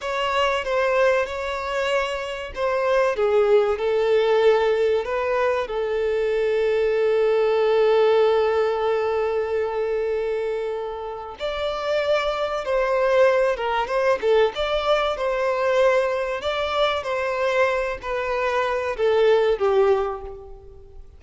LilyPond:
\new Staff \with { instrumentName = "violin" } { \time 4/4 \tempo 4 = 95 cis''4 c''4 cis''2 | c''4 gis'4 a'2 | b'4 a'2.~ | a'1~ |
a'2 d''2 | c''4. ais'8 c''8 a'8 d''4 | c''2 d''4 c''4~ | c''8 b'4. a'4 g'4 | }